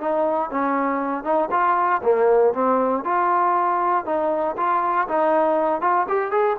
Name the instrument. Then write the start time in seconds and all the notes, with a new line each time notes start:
trombone
0.00 D#4
0.50 C#4
1.24 D#4
1.50 F4
2.02 A#3
2.53 C4
3.04 F4
4.05 D#4
4.57 F4
5.08 D#4
5.81 F4
6.08 G4
6.31 G#4